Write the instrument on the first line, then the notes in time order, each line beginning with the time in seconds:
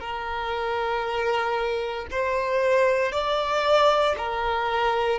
violin
0.00 A#4
2.11 C5
3.12 D5
4.18 A#4